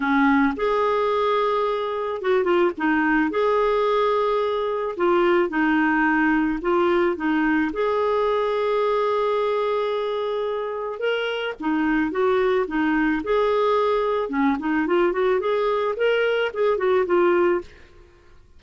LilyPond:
\new Staff \with { instrumentName = "clarinet" } { \time 4/4 \tempo 4 = 109 cis'4 gis'2. | fis'8 f'8 dis'4 gis'2~ | gis'4 f'4 dis'2 | f'4 dis'4 gis'2~ |
gis'1 | ais'4 dis'4 fis'4 dis'4 | gis'2 cis'8 dis'8 f'8 fis'8 | gis'4 ais'4 gis'8 fis'8 f'4 | }